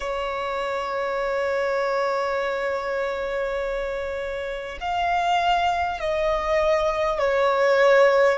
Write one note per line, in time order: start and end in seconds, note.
0.00 4.78 C#5
4.80 6.00 F5
6.00 7.18 D#5
7.18 8.38 C#5